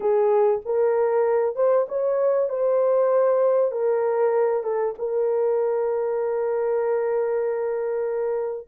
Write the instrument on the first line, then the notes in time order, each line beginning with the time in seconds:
horn
0.00 G#4
0.65 A#4
1.55 C5
1.88 C#5
2.49 C5
3.71 A#4
4.63 A4
4.98 A#4